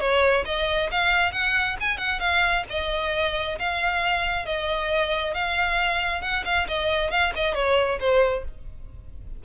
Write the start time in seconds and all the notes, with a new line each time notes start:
0.00 C#5
0.45 D#5
0.91 F5
1.32 F#5
1.80 G#5
1.98 F#5
2.20 F5
2.69 D#5
3.59 F5
4.45 D#5
5.34 F5
6.22 F#5
6.45 F5
6.68 D#5
7.11 F5
7.35 D#5
7.54 C#5
8.00 C5